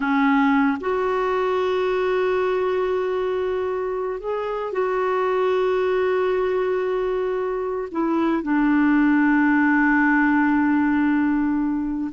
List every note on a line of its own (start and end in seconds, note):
0.00 0.78 C#4
0.80 4.20 F#4
4.20 4.72 G#4
4.72 7.88 F#4
7.91 8.42 E4
8.42 12.11 D4